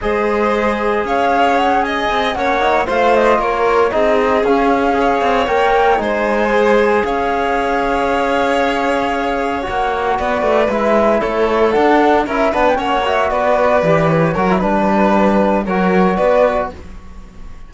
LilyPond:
<<
  \new Staff \with { instrumentName = "flute" } { \time 4/4 \tempo 4 = 115 dis''2 f''4 fis''8 gis''8~ | gis''8 fis''4 f''8 dis''8 cis''4 dis''8~ | dis''8 f''2 g''4 gis''8~ | gis''4. f''2~ f''8~ |
f''2~ f''8 fis''4 d''8~ | d''8 e''4 cis''4 fis''4 e''8 | fis''16 g''16 fis''8 e''8 d''4. cis''4 | b'2 cis''4 d''4 | }
  \new Staff \with { instrumentName = "violin" } { \time 4/4 c''2 cis''4. dis''8~ | dis''8 cis''4 c''4 ais'4 gis'8~ | gis'4. cis''2 c''8~ | c''4. cis''2~ cis''8~ |
cis''2.~ cis''8 b'8~ | b'4. a'2 ais'8 | b'8 cis''4 b'2 ais'8 | b'2 ais'4 b'4 | }
  \new Staff \with { instrumentName = "trombone" } { \time 4/4 gis'1~ | gis'8 cis'8 dis'8 f'2 dis'8~ | dis'8 cis'4 gis'4 ais'4 dis'8~ | dis'8 gis'2.~ gis'8~ |
gis'2~ gis'8 fis'4.~ | fis'8 e'2 d'4 e'8 | d'8 cis'8 fis'4. g'4 fis'16 e'16 | d'2 fis'2 | }
  \new Staff \with { instrumentName = "cello" } { \time 4/4 gis2 cis'2 | c'8 ais4 a4 ais4 c'8~ | c'8 cis'4. c'8 ais4 gis8~ | gis4. cis'2~ cis'8~ |
cis'2~ cis'8 ais4 b8 | a8 gis4 a4 d'4 cis'8 | b8 ais4 b4 e4 fis8 | g2 fis4 b4 | }
>>